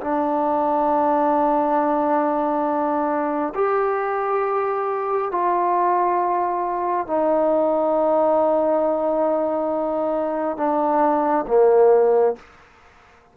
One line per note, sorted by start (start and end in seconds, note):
0.00 3.53 D4
3.55 5.31 G4
5.31 7.06 F4
7.06 10.57 D#4
10.57 11.45 D4
11.47 12.35 A#3